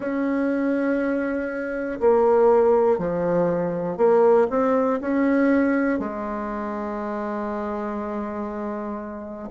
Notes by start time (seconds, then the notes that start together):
0.00 C#4
2.00 A#3
2.98 F3
3.97 A#3
4.50 C4
5.00 C#4
5.99 G#3